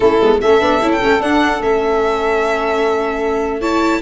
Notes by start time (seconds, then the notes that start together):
0.00 A3 C#4 E4 A4
0.21 G#3 B3
0.41 A3 C#4 A4 E5
0.61 B3 D4
0.81 C#4 E4
0.92 G5
1.00 A3 C#4
1.19 D4 F#5
1.60 A3 C#4 E5
3.59 E4 C#5 A5